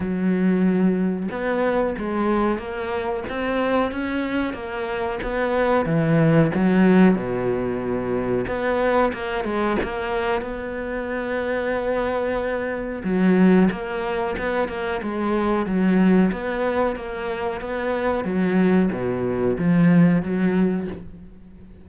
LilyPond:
\new Staff \with { instrumentName = "cello" } { \time 4/4 \tempo 4 = 92 fis2 b4 gis4 | ais4 c'4 cis'4 ais4 | b4 e4 fis4 b,4~ | b,4 b4 ais8 gis8 ais4 |
b1 | fis4 ais4 b8 ais8 gis4 | fis4 b4 ais4 b4 | fis4 b,4 f4 fis4 | }